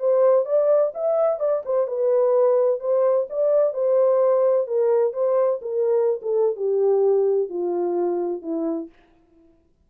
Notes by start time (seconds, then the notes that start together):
0.00 C5
0.46 D5
0.95 E5
1.40 D5
1.65 C5
1.87 B4
2.80 C5
3.30 D5
3.74 C5
4.67 A#4
5.13 C5
5.62 A#4
6.22 A4
6.56 G4
7.50 F4
8.42 E4